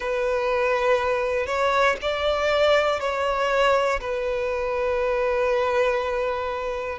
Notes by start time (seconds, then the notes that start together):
0.00 B4
1.46 C#5
2.01 D5
3.00 C#5
4.00 B4